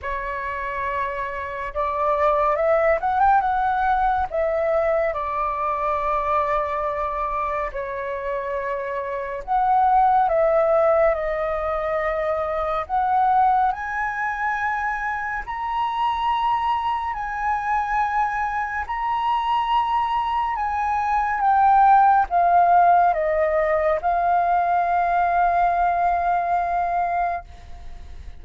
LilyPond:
\new Staff \with { instrumentName = "flute" } { \time 4/4 \tempo 4 = 70 cis''2 d''4 e''8 fis''16 g''16 | fis''4 e''4 d''2~ | d''4 cis''2 fis''4 | e''4 dis''2 fis''4 |
gis''2 ais''2 | gis''2 ais''2 | gis''4 g''4 f''4 dis''4 | f''1 | }